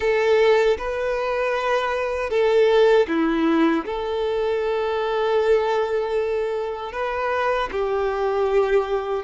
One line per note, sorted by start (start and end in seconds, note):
0.00 0.77 A4
0.78 2.29 B4
2.29 3.06 A4
3.07 3.84 E4
3.85 6.92 A4
6.92 7.69 B4
7.71 9.23 G4